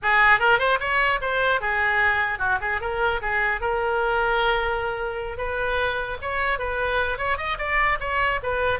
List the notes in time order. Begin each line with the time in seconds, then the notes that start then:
0.02 G#4
0.39 A#4
0.59 C5
0.80 C#5
1.21 C5
1.61 G#4
2.38 F#4
2.60 G#4
2.80 A#4
3.21 G#4
3.60 A#4
5.37 B4
6.21 C#5
6.58 B4
7.17 C#5
7.37 D#5
7.58 D5
7.99 C#5
8.43 B4